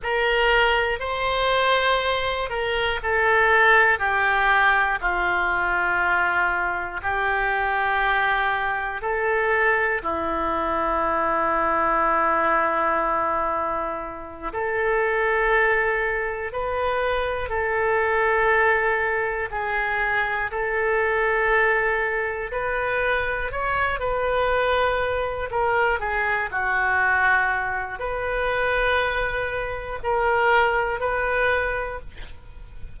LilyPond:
\new Staff \with { instrumentName = "oboe" } { \time 4/4 \tempo 4 = 60 ais'4 c''4. ais'8 a'4 | g'4 f'2 g'4~ | g'4 a'4 e'2~ | e'2~ e'8 a'4.~ |
a'8 b'4 a'2 gis'8~ | gis'8 a'2 b'4 cis''8 | b'4. ais'8 gis'8 fis'4. | b'2 ais'4 b'4 | }